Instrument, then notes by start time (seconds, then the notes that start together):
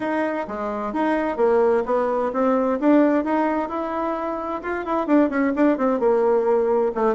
bassoon
0.00 D#4
0.47 G#3
0.93 D#4
1.37 A#3
1.85 B3
2.32 C4
2.79 D4
3.24 D#4
3.68 E4
4.62 F4
4.85 E4
5.06 D4
5.29 C#4
5.55 D4
5.77 C4
5.99 A#3
6.94 A3